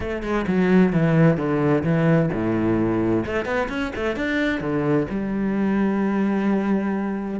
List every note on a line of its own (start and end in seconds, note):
0.00 0.22 A3
0.22 0.45 G#3
0.47 0.92 F#3
0.92 1.37 E3
1.37 1.83 D3
1.83 2.29 E3
2.32 3.25 A2
3.25 3.45 A3
3.45 3.68 B3
3.68 3.91 C#4
3.95 4.15 A3
4.15 4.60 D4
4.60 5.06 D3
5.09 7.40 G3